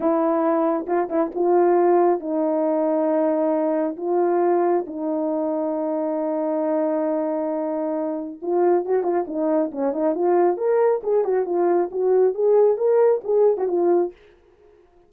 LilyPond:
\new Staff \with { instrumentName = "horn" } { \time 4/4 \tempo 4 = 136 e'2 f'8 e'8 f'4~ | f'4 dis'2.~ | dis'4 f'2 dis'4~ | dis'1~ |
dis'2. f'4 | fis'8 f'8 dis'4 cis'8 dis'8 f'4 | ais'4 gis'8 fis'8 f'4 fis'4 | gis'4 ais'4 gis'8. fis'16 f'4 | }